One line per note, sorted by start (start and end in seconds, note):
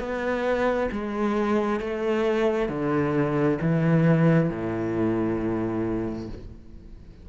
0.00 0.90 B3
0.92 1.80 G#3
1.80 2.69 A3
2.69 3.59 D3
3.62 4.50 E3
4.50 6.29 A2